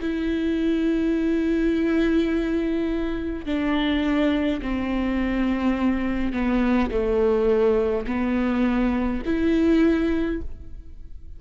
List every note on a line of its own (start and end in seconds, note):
0.00 3.45 E4
3.45 4.60 D4
4.62 6.33 C4
6.33 6.90 B3
6.90 8.06 A3
8.07 9.22 B3
9.26 10.41 E4